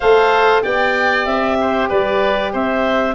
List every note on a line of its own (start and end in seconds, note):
0.00 0.64 A3
0.00 0.62 A4
0.00 0.62 C5
0.00 0.62 F5
0.62 1.27 B3
0.62 3.14 G4
0.62 1.57 D5
0.62 1.25 G5
1.25 1.90 C4
1.25 1.88 E5
1.60 1.89 C5
1.89 2.54 G3
1.89 2.52 B4
1.89 2.53 D5
2.52 3.15 C4
2.52 3.15 C5
2.52 3.15 E5